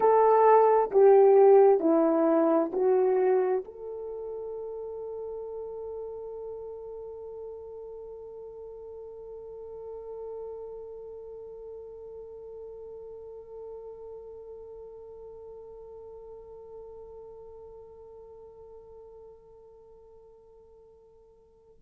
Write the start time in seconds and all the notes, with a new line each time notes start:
0.00 A4
0.91 G4
1.80 E4
2.72 F#4
3.64 A4